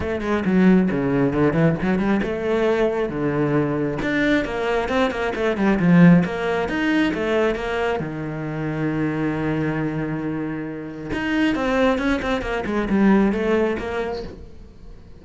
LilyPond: \new Staff \with { instrumentName = "cello" } { \time 4/4 \tempo 4 = 135 a8 gis8 fis4 cis4 d8 e8 | fis8 g8 a2 d4~ | d4 d'4 ais4 c'8 ais8 | a8 g8 f4 ais4 dis'4 |
a4 ais4 dis2~ | dis1~ | dis4 dis'4 c'4 cis'8 c'8 | ais8 gis8 g4 a4 ais4 | }